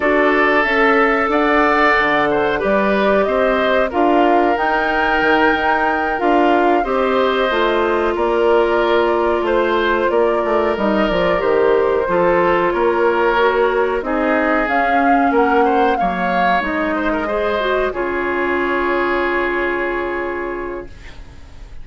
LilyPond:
<<
  \new Staff \with { instrumentName = "flute" } { \time 4/4 \tempo 4 = 92 d''4 e''4 fis''2 | d''4 dis''4 f''4 g''4~ | g''4. f''4 dis''4.~ | dis''8 d''2 c''4 d''8~ |
d''8 dis''8 d''8 c''2 cis''8~ | cis''4. dis''4 f''4 fis''8~ | fis''8 f''4 dis''2 cis''8~ | cis''1 | }
  \new Staff \with { instrumentName = "oboe" } { \time 4/4 a'2 d''4. c''8 | b'4 c''4 ais'2~ | ais'2~ ais'8 c''4.~ | c''8 ais'2 c''4 ais'8~ |
ais'2~ ais'8 a'4 ais'8~ | ais'4. gis'2 ais'8 | c''8 cis''4. c''16 ais'16 c''4 gis'8~ | gis'1 | }
  \new Staff \with { instrumentName = "clarinet" } { \time 4/4 fis'4 a'2. | g'2 f'4 dis'4~ | dis'4. f'4 g'4 f'8~ | f'1~ |
f'8 dis'8 f'8 g'4 f'4.~ | f'8 fis'4 dis'4 cis'4.~ | cis'8 ais4 dis'4 gis'8 fis'8 f'8~ | f'1 | }
  \new Staff \with { instrumentName = "bassoon" } { \time 4/4 d'4 cis'4 d'4 d4 | g4 c'4 d'4 dis'4 | dis8 dis'4 d'4 c'4 a8~ | a8 ais2 a4 ais8 |
a8 g8 f8 dis4 f4 ais8~ | ais4. c'4 cis'4 ais8~ | ais8 fis4 gis2 cis8~ | cis1 | }
>>